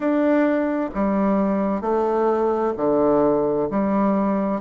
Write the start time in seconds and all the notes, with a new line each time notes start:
0.00 D4
0.94 G3
1.81 A3
2.77 D3
3.70 G3